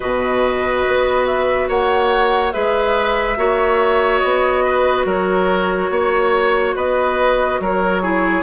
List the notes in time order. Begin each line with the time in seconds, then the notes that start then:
0.00 B2 F#4 B4 D#5
0.87 B3
1.26 E5
1.68 A#3 C#5 F#5
2.52 G#3 G#4 B4 E5
3.36 A#3 F#4 C#5
4.18 B3 D#5
4.64 B4
5.05 F#3 A#4 C#5
5.90 A#3 C#5
6.75 B3 B4 D#5
7.60 F#3 A#4 C#5
8.02 E4 G#4